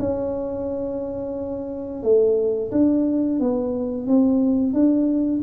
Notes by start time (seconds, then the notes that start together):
0.00 C#4
2.03 A3
2.72 D4
3.40 B3
4.08 C4
4.74 D4